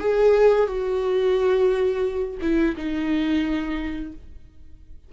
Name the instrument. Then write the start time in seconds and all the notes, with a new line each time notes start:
viola
0.00 G#4
0.67 F#4
2.41 E4
2.76 D#4